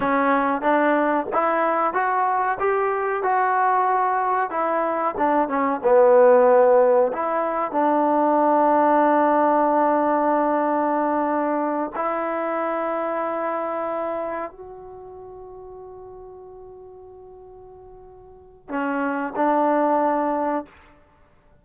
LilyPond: \new Staff \with { instrumentName = "trombone" } { \time 4/4 \tempo 4 = 93 cis'4 d'4 e'4 fis'4 | g'4 fis'2 e'4 | d'8 cis'8 b2 e'4 | d'1~ |
d'2~ d'8 e'4.~ | e'2~ e'8 fis'4.~ | fis'1~ | fis'4 cis'4 d'2 | }